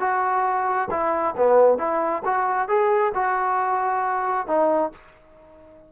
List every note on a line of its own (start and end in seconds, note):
0.00 0.89 F#4
0.91 1.35 E4
1.37 1.78 B3
1.78 2.23 E4
2.25 2.68 F#4
2.68 3.13 G#4
3.15 4.47 F#4
4.47 4.92 D#4